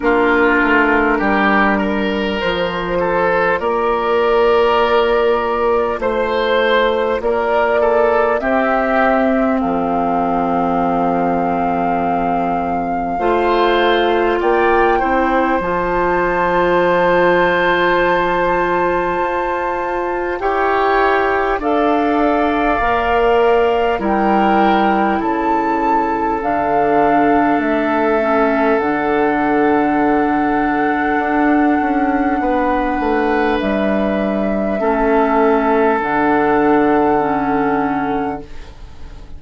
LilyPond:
<<
  \new Staff \with { instrumentName = "flute" } { \time 4/4 \tempo 4 = 50 ais'2 c''4 d''4~ | d''4 c''4 d''4 e''4 | f''1 | g''4 a''2.~ |
a''4 g''4 f''2 | g''4 a''4 f''4 e''4 | fis''1 | e''2 fis''2 | }
  \new Staff \with { instrumentName = "oboe" } { \time 4/4 f'4 g'8 ais'4 a'8 ais'4~ | ais'4 c''4 ais'8 a'8 g'4 | a'2. c''4 | d''8 c''2.~ c''8~ |
c''4 cis''4 d''2 | ais'4 a'2.~ | a'2. b'4~ | b'4 a'2. | }
  \new Staff \with { instrumentName = "clarinet" } { \time 4/4 d'2 f'2~ | f'2. c'4~ | c'2. f'4~ | f'8 e'8 f'2.~ |
f'4 g'4 a'4 ais'4 | e'2 d'4. cis'8 | d'1~ | d'4 cis'4 d'4 cis'4 | }
  \new Staff \with { instrumentName = "bassoon" } { \time 4/4 ais8 a8 g4 f4 ais4~ | ais4 a4 ais4 c'4 | f2. a4 | ais8 c'8 f2. |
f'4 e'4 d'4 ais4 | g4 cis4 d4 a4 | d2 d'8 cis'8 b8 a8 | g4 a4 d2 | }
>>